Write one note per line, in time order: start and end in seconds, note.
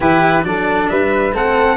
0.00 0.44 E3
0.00 0.42 E4
0.00 0.43 G4
0.00 0.45 B4
0.42 0.89 F#3
0.42 1.32 D4
0.42 0.90 A4
0.42 0.89 D5
0.89 1.33 G3
0.89 1.34 B4
0.89 1.34 E5
1.33 1.76 A3
1.33 1.76 C4
1.33 1.76 A4
1.33 1.76 F#5